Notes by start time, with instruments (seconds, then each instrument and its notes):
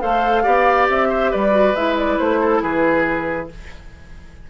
0.00 bassoon A3, clarinet A4, oboe C5, flute F5
0.43 bassoon B3, clarinet G4, oboe D5
0.89 bassoon C4, flute E5
1.09 oboe C5
1.31 bassoon G3, oboe B4, flute D5
1.51 clarinet F#4
1.74 bassoon G#3, clarinet E4, flute E5
1.97 flute D5
2.18 bassoon A3, flute C5
2.41 oboe A4
2.62 bassoon E3, oboe G#4, flute B4